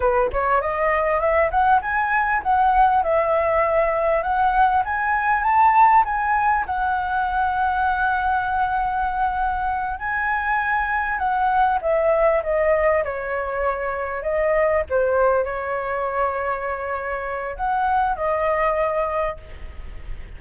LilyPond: \new Staff \with { instrumentName = "flute" } { \time 4/4 \tempo 4 = 99 b'8 cis''8 dis''4 e''8 fis''8 gis''4 | fis''4 e''2 fis''4 | gis''4 a''4 gis''4 fis''4~ | fis''1~ |
fis''8 gis''2 fis''4 e''8~ | e''8 dis''4 cis''2 dis''8~ | dis''8 c''4 cis''2~ cis''8~ | cis''4 fis''4 dis''2 | }